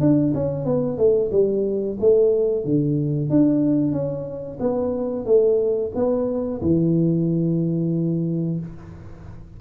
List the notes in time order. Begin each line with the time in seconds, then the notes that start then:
0.00 D4
0.34 C#4
0.65 B3
0.98 A3
1.31 G3
2.00 A3
2.65 D3
3.30 D4
3.92 C#4
4.60 B3
5.25 A3
5.95 B3
6.61 E3